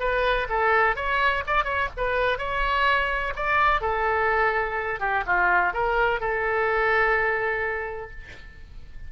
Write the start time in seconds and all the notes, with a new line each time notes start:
0.00 B4
0.49 A4
0.96 C#5
1.47 D5
1.65 C#5
1.97 B4
2.38 C#5
3.36 D5
3.81 A4
5.00 G4
5.26 F4
5.73 A#4
6.20 A4